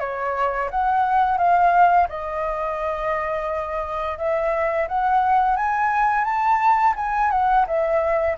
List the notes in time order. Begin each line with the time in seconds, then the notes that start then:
0.00 C#5
0.71 F#5
1.38 F5
2.09 D#5
4.18 E5
4.88 F#5
5.57 G#5
6.25 A5
6.96 G#5
7.31 F#5
7.67 E5